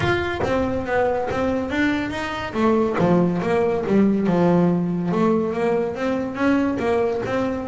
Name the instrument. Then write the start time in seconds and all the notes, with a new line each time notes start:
double bass
0.00 F4
0.43 C4
0.85 B3
1.30 C4
1.69 D4
2.10 D#4
2.53 A3
2.98 F3
3.42 A#3
3.86 G3
4.26 F3
5.11 A3
5.53 A#3
5.95 C4
6.34 C#4
6.79 A#3
7.25 C4